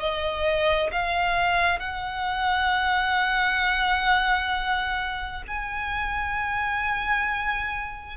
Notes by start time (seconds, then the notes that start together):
0.00 D#5
0.92 F5
1.79 F#5
5.48 G#5